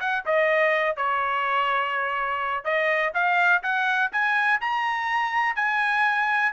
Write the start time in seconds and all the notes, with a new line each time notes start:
0.00 F#5
0.26 D#5
0.97 C#5
2.65 D#5
3.14 F5
3.63 F#5
4.12 G#5
4.61 A#5
5.56 G#5